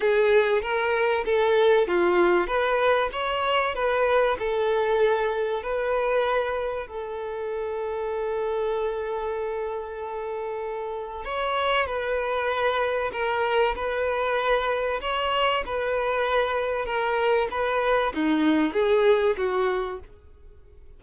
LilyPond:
\new Staff \with { instrumentName = "violin" } { \time 4/4 \tempo 4 = 96 gis'4 ais'4 a'4 f'4 | b'4 cis''4 b'4 a'4~ | a'4 b'2 a'4~ | a'1~ |
a'2 cis''4 b'4~ | b'4 ais'4 b'2 | cis''4 b'2 ais'4 | b'4 dis'4 gis'4 fis'4 | }